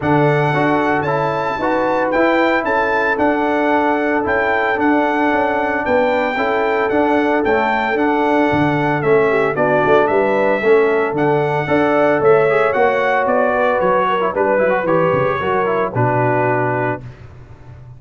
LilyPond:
<<
  \new Staff \with { instrumentName = "trumpet" } { \time 4/4 \tempo 4 = 113 fis''2 a''2 | g''4 a''4 fis''2 | g''4 fis''2 g''4~ | g''4 fis''4 g''4 fis''4~ |
fis''4 e''4 d''4 e''4~ | e''4 fis''2 e''4 | fis''4 d''4 cis''4 b'4 | cis''2 b'2 | }
  \new Staff \with { instrumentName = "horn" } { \time 4/4 a'2. b'4~ | b'4 a'2.~ | a'2. b'4 | a'1~ |
a'4. g'8 fis'4 b'4 | a'2 d''4 cis''4~ | cis''4. b'4 ais'8 b'4~ | b'4 ais'4 fis'2 | }
  \new Staff \with { instrumentName = "trombone" } { \time 4/4 d'4 fis'4 e'4 fis'4 | e'2 d'2 | e'4 d'2. | e'4 d'4 a4 d'4~ |
d'4 cis'4 d'2 | cis'4 d'4 a'4. gis'8 | fis'2~ fis'8. e'16 d'8 e'16 fis'16 | g'4 fis'8 e'8 d'2 | }
  \new Staff \with { instrumentName = "tuba" } { \time 4/4 d4 d'4 cis'4 dis'4 | e'4 cis'4 d'2 | cis'4 d'4 cis'4 b4 | cis'4 d'4 cis'4 d'4 |
d4 a4 b8 a8 g4 | a4 d4 d'4 a4 | ais4 b4 fis4 g8 fis8 | e8 cis8 fis4 b,2 | }
>>